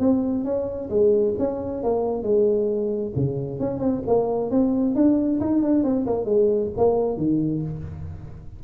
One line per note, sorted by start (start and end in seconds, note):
0.00 0.45 C4
0.45 0.90 C#4
0.90 1.35 G#3
1.39 1.84 C#4
1.84 2.23 A#3
2.23 3.13 G#3
3.16 3.60 C#3
3.60 3.80 C#4
3.80 4.02 C4
4.07 4.51 A#3
4.51 4.96 C4
4.96 5.40 D4
5.41 5.63 D#4
5.63 5.84 D4
5.84 6.06 C4
6.07 6.25 A#3
6.25 6.70 G#3
6.77 7.18 A#3
7.18 7.62 D#3